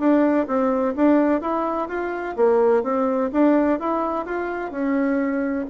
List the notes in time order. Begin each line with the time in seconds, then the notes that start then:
0.00 D4
0.48 C4
0.96 D4
1.42 E4
1.89 F4
2.37 A#3
2.84 C4
3.33 D4
3.80 E4
4.26 F4
4.72 C#4